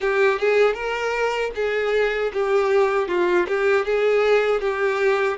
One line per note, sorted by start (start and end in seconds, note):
0.00 0.39 G4
0.39 0.74 G#4
0.74 1.51 A#4
1.55 2.31 G#4
2.33 3.08 G4
3.08 3.46 F4
3.47 3.85 G4
3.85 4.60 G#4
4.60 5.37 G4